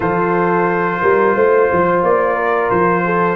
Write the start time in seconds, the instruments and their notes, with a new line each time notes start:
0.00 tuba F3, trombone F4, horn A4, trumpet C5
1.01 tuba G3, horn A#4
1.35 tuba A3, horn C5
1.72 tuba F3
2.02 tuba A#3, trumpet D5
2.34 horn A#4
2.70 tuba F3, trumpet C5
3.04 horn A4